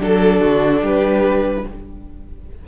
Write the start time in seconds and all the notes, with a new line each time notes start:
0.00 F#3 D4 A4
0.41 D3 F#4
0.82 G3 G4 B4